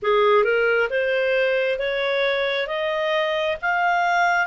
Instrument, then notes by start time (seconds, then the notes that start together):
clarinet
0.02 G#4
0.44 A#4
0.90 C5
1.79 C#5
2.67 D#5
3.61 F5